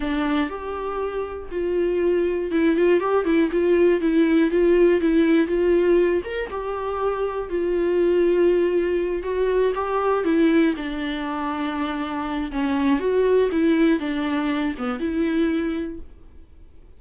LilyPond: \new Staff \with { instrumentName = "viola" } { \time 4/4 \tempo 4 = 120 d'4 g'2 f'4~ | f'4 e'8 f'8 g'8 e'8 f'4 | e'4 f'4 e'4 f'4~ | f'8 ais'8 g'2 f'4~ |
f'2~ f'8 fis'4 g'8~ | g'8 e'4 d'2~ d'8~ | d'4 cis'4 fis'4 e'4 | d'4. b8 e'2 | }